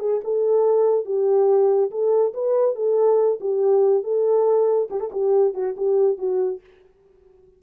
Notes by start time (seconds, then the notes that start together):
0.00 G#4
0.24 A4
1.06 G4
1.91 A4
2.34 B4
2.76 A4
3.41 G4
4.04 A4
4.91 G4
5.00 A4
5.13 G4
5.54 F#4
5.77 G4
6.18 F#4